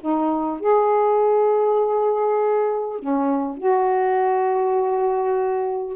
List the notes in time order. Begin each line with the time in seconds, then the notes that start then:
0.00 D#4
0.60 G#4
2.99 C#4
3.57 F#4